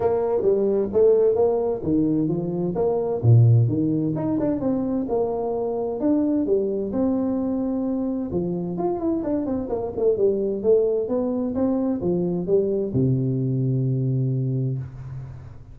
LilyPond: \new Staff \with { instrumentName = "tuba" } { \time 4/4 \tempo 4 = 130 ais4 g4 a4 ais4 | dis4 f4 ais4 ais,4 | dis4 dis'8 d'8 c'4 ais4~ | ais4 d'4 g4 c'4~ |
c'2 f4 f'8 e'8 | d'8 c'8 ais8 a8 g4 a4 | b4 c'4 f4 g4 | c1 | }